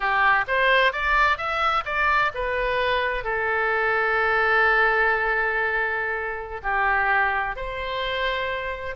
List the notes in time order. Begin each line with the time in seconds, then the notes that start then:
0.00 G4
0.47 C5
0.92 D5
1.37 E5
1.85 D5
2.34 B4
3.24 A4
6.62 G4
7.56 C5